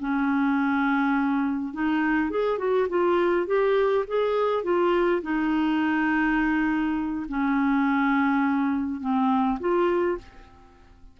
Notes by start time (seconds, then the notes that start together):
0.00 C#4
1.74 D#4
2.30 G#4
2.58 F#4
2.89 F4
3.47 G4
4.08 G#4
4.64 F4
5.22 D#4
7.29 C#4
9.01 C4
9.60 F4